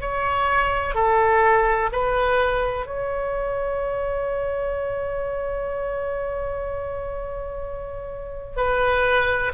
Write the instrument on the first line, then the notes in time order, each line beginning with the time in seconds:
oboe
0.00 C#5
0.94 A4
1.92 B4
2.86 C#5
8.56 B4